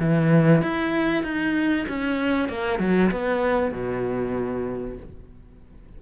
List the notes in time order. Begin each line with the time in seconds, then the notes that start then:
0.00 E3
0.62 E4
1.24 D#4
1.89 C#4
2.49 A#3
2.80 F#3
3.12 B3
3.72 B2